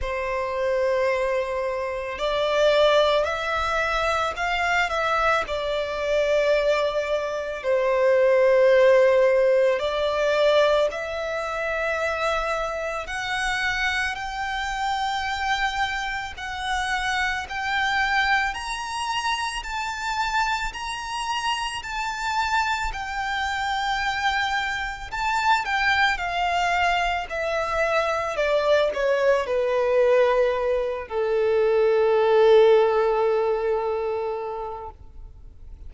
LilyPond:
\new Staff \with { instrumentName = "violin" } { \time 4/4 \tempo 4 = 55 c''2 d''4 e''4 | f''8 e''8 d''2 c''4~ | c''4 d''4 e''2 | fis''4 g''2 fis''4 |
g''4 ais''4 a''4 ais''4 | a''4 g''2 a''8 g''8 | f''4 e''4 d''8 cis''8 b'4~ | b'8 a'2.~ a'8 | }